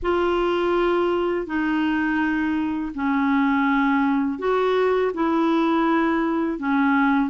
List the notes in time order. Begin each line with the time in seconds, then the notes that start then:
0.02 F4
1.46 D#4
2.94 C#4
4.39 F#4
5.14 E4
6.58 C#4